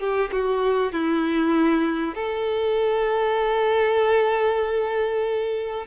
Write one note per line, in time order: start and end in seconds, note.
0.00 0.31 G4
0.32 0.93 F#4
0.93 2.15 E4
2.15 5.87 A4